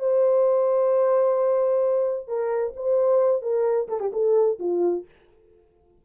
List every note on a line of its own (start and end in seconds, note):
0.00 2.28 C5
2.28 2.74 A#4
2.76 3.42 C5
3.42 3.88 A#4
3.89 4.00 A4
4.00 4.12 G4
4.13 4.59 A4
4.60 5.05 F4